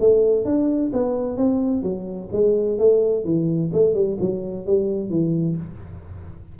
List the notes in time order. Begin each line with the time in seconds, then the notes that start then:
0.00 A3
0.45 D4
0.93 B3
1.37 C4
1.83 F#3
2.33 G#3
2.79 A3
3.25 E3
3.73 A3
3.94 G3
4.20 F#3
4.66 G3
5.10 E3